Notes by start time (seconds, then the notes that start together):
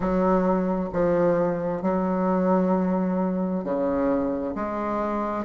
0.00 F#3
0.93 F3
1.82 F#3
3.64 C#3
4.55 G#3